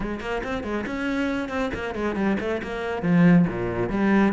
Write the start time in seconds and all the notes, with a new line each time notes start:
0.00 G#3
0.20 A#3
0.43 C4
0.63 G#3
0.86 C#4
1.49 C4
1.74 A#3
1.94 G#3
2.15 G3
2.40 A3
2.62 A#3
3.02 F3
3.47 A#2
3.89 G3